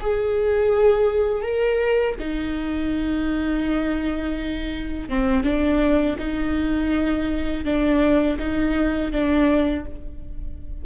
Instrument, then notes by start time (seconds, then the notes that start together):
viola
0.00 G#4
1.42 A#4
2.19 D#4
5.09 C4
5.43 D4
6.18 D#4
7.64 D4
8.38 D#4
9.12 D4